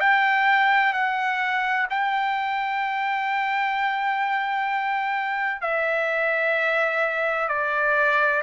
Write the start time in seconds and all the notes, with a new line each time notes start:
0.00 G5
0.93 F#5
1.90 G5
5.61 E5
7.49 D5